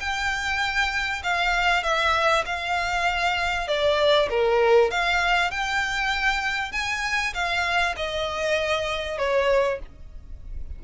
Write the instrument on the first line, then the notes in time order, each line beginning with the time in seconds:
violin
0.00 G5
1.23 F5
1.83 E5
2.46 F5
3.68 D5
4.30 A#4
4.91 F5
5.51 G5
6.72 G#5
7.34 F5
7.96 D#5
9.18 C#5